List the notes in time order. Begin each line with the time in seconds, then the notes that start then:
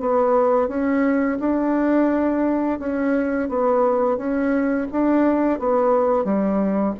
0.00 B3
0.68 C#4
1.39 D4
2.79 C#4
3.49 B3
4.17 C#4
4.91 D4
5.59 B3
6.24 G3